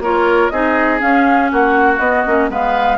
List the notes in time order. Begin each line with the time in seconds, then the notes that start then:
0.00 A#3 F4 A#4 C#5
0.50 C4 D#4 G#4 D#5
0.99 C#4 F5
1.52 A#3 F#4 F#5
1.99 B3 D#5
2.27 A#3 C#4
2.50 G#3 B3 B4 F5